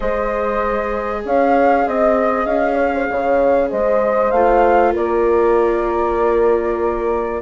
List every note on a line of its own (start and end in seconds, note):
0.00 1.24 G#3
0.00 4.33 G#4
0.00 1.22 C5
0.00 1.23 D#5
1.24 1.86 C#4
1.24 1.87 C#5
1.24 1.88 F5
1.86 2.46 C4
1.86 2.74 D#5
1.86 2.45 D#5
2.45 3.07 C#4
2.45 3.69 F5
2.74 2.90 C#5
2.94 3.09 C5
3.10 3.72 C#3
3.10 3.69 C#5
3.69 4.31 G#3
3.69 4.93 C5
3.69 4.30 D#5
4.30 4.93 A3
4.30 7.42 F4
4.30 4.92 F5
4.93 7.42 A#3
4.93 7.40 A#4
4.93 7.42 D5